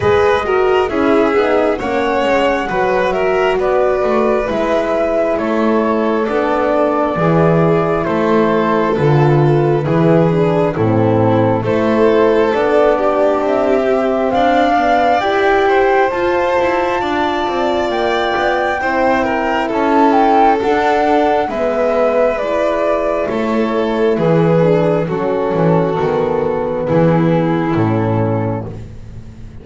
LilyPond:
<<
  \new Staff \with { instrumentName = "flute" } { \time 4/4 \tempo 4 = 67 dis''4 e''4 fis''4. e''8 | d''4 e''4 cis''4 d''4~ | d''4 c''4 b'2 | a'4 c''4 d''4 e''4 |
f''4 g''4 a''2 | g''2 a''8 g''8 fis''4 | e''4 d''4 cis''4 b'4 | a'2 gis'4 a'4 | }
  \new Staff \with { instrumentName = "violin" } { \time 4/4 b'8 ais'8 gis'4 cis''4 b'8 ais'8 | b'2 a'2 | gis'4 a'2 gis'4 | e'4 a'4. g'4. |
d''4. c''4. d''4~ | d''4 c''8 ais'8 a'2 | b'2 a'4 gis'4 | fis'2 e'2 | }
  \new Staff \with { instrumentName = "horn" } { \time 4/4 gis'8 fis'8 e'8 dis'8 cis'4 fis'4~ | fis'4 e'2 d'4 | e'2 f'4 e'8 d'8 | c'4 e'4 d'4. c'8~ |
c'8 b8 g'4 f'2~ | f'4 e'2 d'4 | b4 e'2~ e'8 d'8 | cis'4 b2 cis'4 | }
  \new Staff \with { instrumentName = "double bass" } { \time 4/4 gis4 cis'8 b8 ais8 gis8 fis4 | b8 a8 gis4 a4 b4 | e4 a4 d4 e4 | a,4 a4 b4 c'4 |
d'4 e'4 f'8 e'8 d'8 c'8 | ais8 b8 c'4 cis'4 d'4 | gis2 a4 e4 | fis8 e8 dis4 e4 a,4 | }
>>